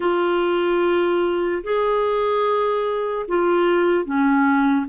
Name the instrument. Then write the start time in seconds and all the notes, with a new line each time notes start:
clarinet
0.00 F4
1.63 G#4
3.28 F4
4.05 C#4